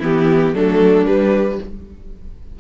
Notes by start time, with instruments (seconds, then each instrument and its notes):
0.00 cello E3, viola B3, violin E4 G4
0.54 cello F#3, viola A3, violin D4 A4
1.06 cello G3, viola G3, violin B4